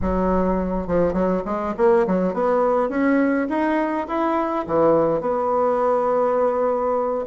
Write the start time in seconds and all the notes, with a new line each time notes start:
0.01 F#3
0.87 F3
1.13 F#3
1.45 G#3
1.77 A#3
2.07 F#3
2.33 B3
2.89 C#4
3.49 D#4
4.07 E4
4.66 E3
5.21 B3